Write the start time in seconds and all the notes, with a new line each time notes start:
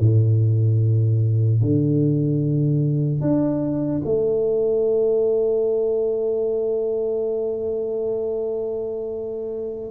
0.00 A2
1.62 D3
3.21 D4
4.05 A3